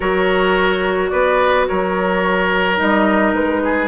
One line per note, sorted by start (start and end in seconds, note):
0.00 1.12 F#3
0.00 2.77 F#4
0.00 1.10 A#4
0.00 1.09 C#5
1.09 1.68 B3
1.09 1.67 B4
1.09 1.65 D5
1.67 2.80 F#3
1.67 3.62 A#4
1.67 2.78 C#5
2.77 3.33 G3
2.77 3.87 D#4
2.77 3.34 D#5
3.33 3.87 G#3
3.33 3.87 B4
3.63 3.87 G#4